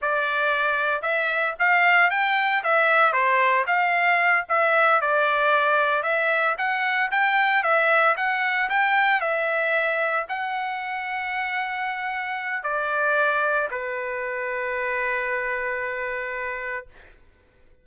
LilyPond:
\new Staff \with { instrumentName = "trumpet" } { \time 4/4 \tempo 4 = 114 d''2 e''4 f''4 | g''4 e''4 c''4 f''4~ | f''8 e''4 d''2 e''8~ | e''8 fis''4 g''4 e''4 fis''8~ |
fis''8 g''4 e''2 fis''8~ | fis''1 | d''2 b'2~ | b'1 | }